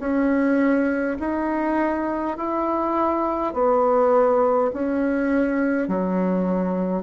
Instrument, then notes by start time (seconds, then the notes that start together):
bassoon
0.00 C#4
1.20 D#4
2.38 E4
3.54 B3
4.74 C#4
5.89 F#3